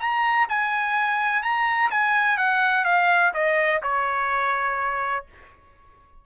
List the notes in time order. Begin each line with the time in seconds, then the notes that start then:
0.00 A#5
0.49 G#5
1.43 A#5
1.91 G#5
2.38 F#5
2.85 F5
3.34 D#5
3.83 C#5